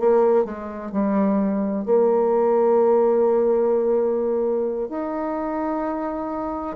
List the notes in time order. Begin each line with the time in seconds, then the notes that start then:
0.00 A#3
0.45 G#3
0.92 G3
1.86 A#3
4.89 D#4